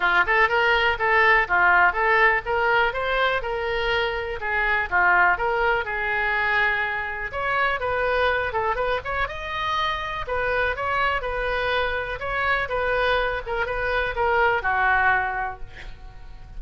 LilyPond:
\new Staff \with { instrumentName = "oboe" } { \time 4/4 \tempo 4 = 123 f'8 a'8 ais'4 a'4 f'4 | a'4 ais'4 c''4 ais'4~ | ais'4 gis'4 f'4 ais'4 | gis'2. cis''4 |
b'4. a'8 b'8 cis''8 dis''4~ | dis''4 b'4 cis''4 b'4~ | b'4 cis''4 b'4. ais'8 | b'4 ais'4 fis'2 | }